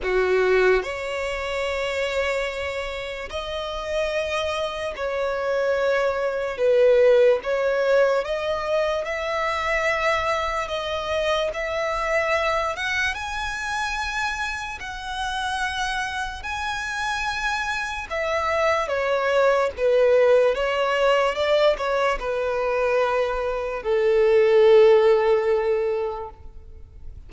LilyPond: \new Staff \with { instrumentName = "violin" } { \time 4/4 \tempo 4 = 73 fis'4 cis''2. | dis''2 cis''2 | b'4 cis''4 dis''4 e''4~ | e''4 dis''4 e''4. fis''8 |
gis''2 fis''2 | gis''2 e''4 cis''4 | b'4 cis''4 d''8 cis''8 b'4~ | b'4 a'2. | }